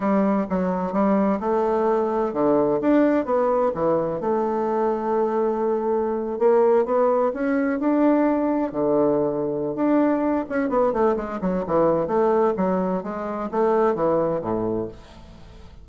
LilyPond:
\new Staff \with { instrumentName = "bassoon" } { \time 4/4 \tempo 4 = 129 g4 fis4 g4 a4~ | a4 d4 d'4 b4 | e4 a2.~ | a4.~ a16 ais4 b4 cis'16~ |
cis'8. d'2 d4~ d16~ | d4 d'4. cis'8 b8 a8 | gis8 fis8 e4 a4 fis4 | gis4 a4 e4 a,4 | }